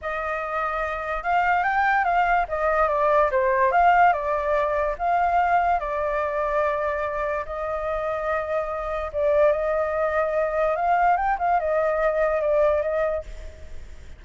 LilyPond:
\new Staff \with { instrumentName = "flute" } { \time 4/4 \tempo 4 = 145 dis''2. f''4 | g''4 f''4 dis''4 d''4 | c''4 f''4 d''2 | f''2 d''2~ |
d''2 dis''2~ | dis''2 d''4 dis''4~ | dis''2 f''4 g''8 f''8 | dis''2 d''4 dis''4 | }